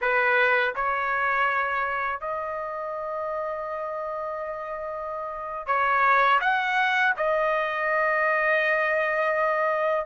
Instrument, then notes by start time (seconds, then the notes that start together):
trumpet
0.01 B4
0.75 C#5
2.20 D#5
5.66 C#5
6.40 F#5
7.16 D#5